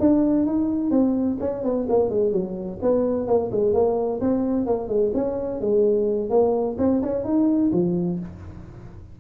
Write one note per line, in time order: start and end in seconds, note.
0.00 0.46 D4
0.46 0.91 D#4
0.91 1.38 C4
1.40 1.64 C#4
1.64 1.87 B3
1.89 2.10 A#3
2.10 2.33 G#3
2.33 2.80 F#3
2.82 3.27 B3
3.27 3.50 A#3
3.52 3.74 G#3
3.74 4.21 A#3
4.21 4.67 C4
4.67 4.89 A#3
4.89 5.12 G#3
5.15 5.61 C#4
5.61 6.30 G#3
6.30 6.77 A#3
6.79 7.02 C4
7.02 7.24 C#4
7.24 7.71 D#4
7.73 8.20 F3